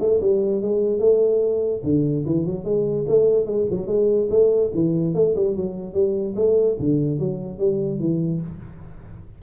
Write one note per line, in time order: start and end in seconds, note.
0.00 0.21 A3
0.21 0.62 G3
0.62 1.00 G#3
1.00 1.82 A3
1.84 2.25 D3
2.26 2.46 E3
2.46 2.65 F#3
2.65 3.06 G#3
3.09 3.46 A3
3.46 3.66 G#3
3.71 3.87 F#3
3.87 4.29 G#3
4.31 4.72 A3
4.74 5.15 E3
5.15 5.35 A3
5.36 5.57 G3
5.57 5.94 F#3
5.94 6.35 G3
6.36 6.77 A3
6.80 7.20 D3
7.20 7.59 F#3
7.59 8.00 G3
8.00 8.41 E3